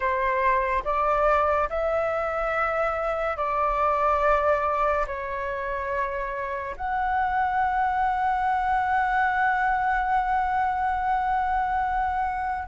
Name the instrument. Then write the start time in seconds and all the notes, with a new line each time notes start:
flute
0.00 C5
0.84 D5
1.69 E5
3.36 D5
5.07 C#5
6.76 F#5